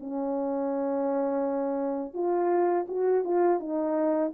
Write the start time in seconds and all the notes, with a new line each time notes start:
0.00 C#4
2.14 F4
2.88 F#4
3.24 F4
3.60 D#4